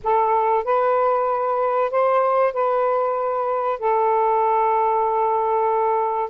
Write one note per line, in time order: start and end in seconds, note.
0.03 0.64 A4
0.64 1.90 B4
1.90 2.53 C5
2.53 3.79 B4
3.79 6.30 A4